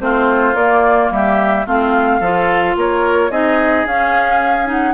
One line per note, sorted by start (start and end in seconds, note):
0.00 0.55 A3
0.00 0.55 C4
0.00 1.13 F4
0.00 0.56 C5
0.55 1.10 A#3
0.55 1.67 A#3
0.55 1.11 D5
1.11 1.66 G3
1.11 1.67 G4
1.11 1.67 E5
1.67 2.21 A3
1.67 2.22 C4
1.67 2.21 F4
1.67 2.78 F5
2.21 2.76 F3
2.21 3.31 F4
2.21 2.76 A4
2.77 3.30 A#3
2.77 3.31 A#4
2.77 3.31 C#5
3.30 3.85 C4
3.30 3.86 D#4
3.30 4.94 G#4
3.30 3.86 D#5
3.86 4.94 C#4
3.86 4.66 C#4
3.86 4.69 F5
4.66 4.93 D#4
4.66 4.94 F#5